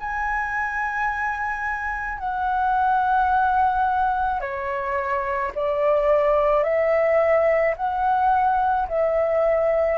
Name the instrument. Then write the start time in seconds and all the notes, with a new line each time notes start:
flute
0.00 G#5
2.19 F#5
4.40 C#5
5.55 D5
6.64 E5
7.77 F#5
8.88 E5